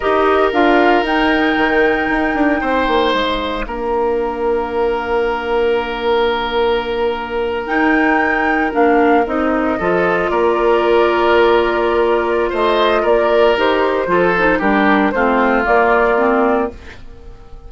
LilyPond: <<
  \new Staff \with { instrumentName = "flute" } { \time 4/4 \tempo 4 = 115 dis''4 f''4 g''2~ | g''2 f''2~ | f''1~ | f''2~ f''8. g''4~ g''16~ |
g''8. f''4 dis''2 d''16~ | d''1 | dis''4 d''4 c''2 | ais'4 c''4 d''2 | }
  \new Staff \with { instrumentName = "oboe" } { \time 4/4 ais'1~ | ais'4 c''2 ais'4~ | ais'1~ | ais'1~ |
ais'2~ ais'8. a'4 ais'16~ | ais'1 | c''4 ais'2 a'4 | g'4 f'2. | }
  \new Staff \with { instrumentName = "clarinet" } { \time 4/4 g'4 f'4 dis'2~ | dis'2. d'4~ | d'1~ | d'2~ d'8. dis'4~ dis'16~ |
dis'8. d'4 dis'4 f'4~ f'16~ | f'1~ | f'2 g'4 f'8 dis'8 | d'4 c'4 ais4 c'4 | }
  \new Staff \with { instrumentName = "bassoon" } { \time 4/4 dis'4 d'4 dis'4 dis4 | dis'8 d'8 c'8 ais8 gis4 ais4~ | ais1~ | ais2~ ais8. dis'4~ dis'16~ |
dis'8. ais4 c'4 f4 ais16~ | ais1 | a4 ais4 dis'4 f4 | g4 a4 ais2 | }
>>